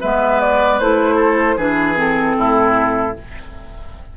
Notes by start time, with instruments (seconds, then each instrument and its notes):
0.00 bassoon G#3, clarinet B3, oboe B4, flute E5
0.40 flute D5
0.79 bassoon A3, clarinet E4, flute C5
1.15 oboe A4
1.57 bassoon E3, clarinet D4, oboe G#4, flute B4
1.95 clarinet C4, flute A4
2.38 bassoon A2, oboe E4